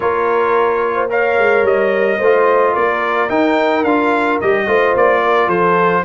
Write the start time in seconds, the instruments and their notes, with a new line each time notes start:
0.00 tuba A#3, trombone F4, horn A#4, trumpet C#5
0.94 horn C5
1.09 trombone A#4, horn C#5, trumpet F5
1.38 tuba G#3
1.62 tuba G3, trumpet D#5
2.18 tuba A3, trombone F4, horn C5
2.73 tuba A#3, horn A#4, trumpet D5
3.29 tuba D#4, trombone D#4, trumpet G5
3.84 tuba D4, trombone F4, trumpet F5
4.40 tuba G3, trombone G4, trumpet D#5
4.66 tuba A3, trombone F4, horn C5
4.94 tuba A#3, trumpet D5
5.23 horn A#4
5.47 tuba F3, horn A4, trumpet C5